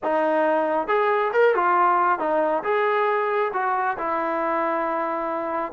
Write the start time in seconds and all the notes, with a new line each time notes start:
0.03 D#4
0.87 G#4
1.33 A#4
1.55 F4
2.19 D#4
2.63 G#4
3.53 F#4
3.97 E4